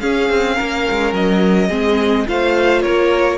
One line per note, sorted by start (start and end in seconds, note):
0.00 1.70 C#4
0.00 0.30 C#4
0.00 0.56 G#4
0.00 1.13 F5
0.30 0.58 C4
0.56 0.88 A#3
0.56 1.68 A#4
0.91 1.13 G#3
1.13 1.70 F#3
1.13 2.28 D#5
1.68 2.27 G#3
1.68 2.26 C4
1.68 2.25 G#4
2.26 2.85 A3
2.26 3.38 F4
2.26 2.83 C5
2.26 2.82 F5
2.82 3.38 A#3
2.82 3.38 A#4
2.82 3.38 C#5